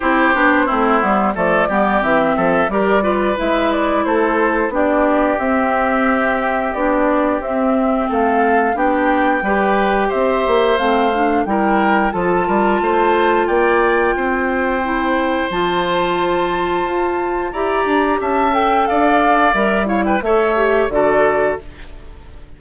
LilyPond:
<<
  \new Staff \with { instrumentName = "flute" } { \time 4/4 \tempo 4 = 89 c''2 d''4 e''4 | d''4 e''8 d''8 c''4 d''4 | e''2 d''4 e''4 | f''4 g''2 e''4 |
f''4 g''4 a''2 | g''2. a''4~ | a''2 ais''4 a''8 g''8 | f''4 e''8 f''16 g''16 e''4 d''4 | }
  \new Staff \with { instrumentName = "oboe" } { \time 4/4 g'4 e'4 a'8 g'4 a'8 | ais'8 b'4. a'4 g'4~ | g'1 | a'4 g'4 b'4 c''4~ |
c''4 ais'4 a'8 ais'8 c''4 | d''4 c''2.~ | c''2 d''4 e''4 | d''4. cis''16 b'16 cis''4 a'4 | }
  \new Staff \with { instrumentName = "clarinet" } { \time 4/4 e'8 d'8 c'8 b8 a8 b8 c'4 | g'8 f'8 e'2 d'4 | c'2 d'4 c'4~ | c'4 d'4 g'2 |
c'8 d'8 e'4 f'2~ | f'2 e'4 f'4~ | f'2 g'4. a'8~ | a'4 ais'8 e'8 a'8 g'8 fis'4 | }
  \new Staff \with { instrumentName = "bassoon" } { \time 4/4 c'8 b8 a8 g8 f8 g8 e8 f8 | g4 gis4 a4 b4 | c'2 b4 c'4 | a4 b4 g4 c'8 ais8 |
a4 g4 f8 g8 a4 | ais4 c'2 f4~ | f4 f'4 e'8 d'8 cis'4 | d'4 g4 a4 d4 | }
>>